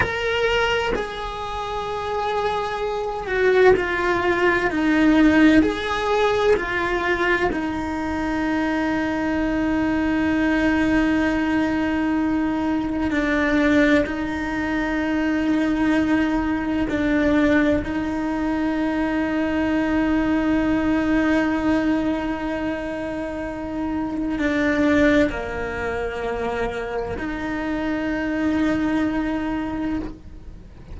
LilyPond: \new Staff \with { instrumentName = "cello" } { \time 4/4 \tempo 4 = 64 ais'4 gis'2~ gis'8 fis'8 | f'4 dis'4 gis'4 f'4 | dis'1~ | dis'2 d'4 dis'4~ |
dis'2 d'4 dis'4~ | dis'1~ | dis'2 d'4 ais4~ | ais4 dis'2. | }